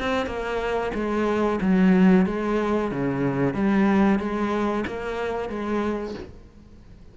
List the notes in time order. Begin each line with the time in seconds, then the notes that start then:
0.00 C4
0.27 A#3
0.95 G#3
1.62 F#3
2.26 G#3
2.92 C#3
3.55 G3
4.19 G#3
4.87 A#3
5.50 G#3